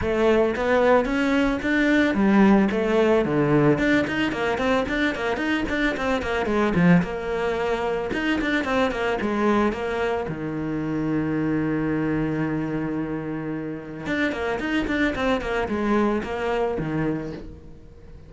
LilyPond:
\new Staff \with { instrumentName = "cello" } { \time 4/4 \tempo 4 = 111 a4 b4 cis'4 d'4 | g4 a4 d4 d'8 dis'8 | ais8 c'8 d'8 ais8 dis'8 d'8 c'8 ais8 | gis8 f8 ais2 dis'8 d'8 |
c'8 ais8 gis4 ais4 dis4~ | dis1~ | dis2 d'8 ais8 dis'8 d'8 | c'8 ais8 gis4 ais4 dis4 | }